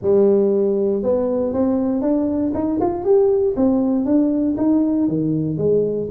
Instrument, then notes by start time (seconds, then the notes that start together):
tuba
0.01 G3
1.03 B3
1.53 C4
2.01 D4
2.54 D#4
2.80 F4
3.04 G4
3.56 C4
4.05 D4
4.57 D#4
5.08 D#3
5.57 G#3